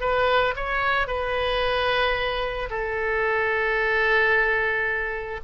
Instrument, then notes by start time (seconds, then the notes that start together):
oboe
0.00 B4
0.56 C#5
1.07 B4
2.69 A4